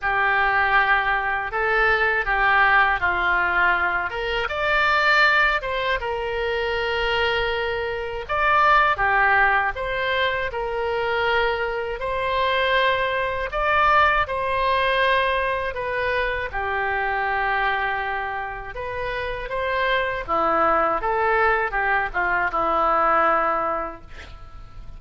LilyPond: \new Staff \with { instrumentName = "oboe" } { \time 4/4 \tempo 4 = 80 g'2 a'4 g'4 | f'4. ais'8 d''4. c''8 | ais'2. d''4 | g'4 c''4 ais'2 |
c''2 d''4 c''4~ | c''4 b'4 g'2~ | g'4 b'4 c''4 e'4 | a'4 g'8 f'8 e'2 | }